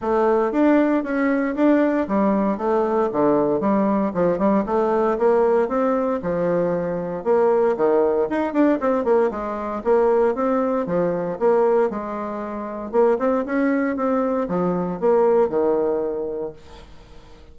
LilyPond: \new Staff \with { instrumentName = "bassoon" } { \time 4/4 \tempo 4 = 116 a4 d'4 cis'4 d'4 | g4 a4 d4 g4 | f8 g8 a4 ais4 c'4 | f2 ais4 dis4 |
dis'8 d'8 c'8 ais8 gis4 ais4 | c'4 f4 ais4 gis4~ | gis4 ais8 c'8 cis'4 c'4 | f4 ais4 dis2 | }